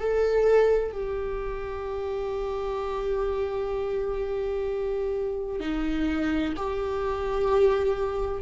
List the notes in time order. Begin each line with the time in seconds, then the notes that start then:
0.00 A4
0.92 G4
5.60 D#4
6.57 G4